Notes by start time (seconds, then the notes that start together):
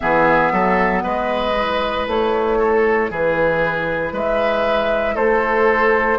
0.00 E3 B3 G#4 E5
0.52 F#3 A4
1.03 G#3 B4 D#5
1.56 E4
2.07 A3 C#5
2.58 A4
3.10 E3 G#4 B4
4.12 G#3 B4 E5
5.14 A3 A4 C5